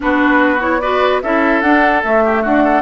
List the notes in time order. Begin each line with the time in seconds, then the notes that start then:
0.00 B3 D4 F#4 B4
0.59 E4 C#5
0.80 F#4 B4 D5
1.22 C#4 E4 A4 E5
1.61 D4 F#5
2.03 A3 E5
2.24 G4
2.42 D4 F#4 F#5
2.64 A4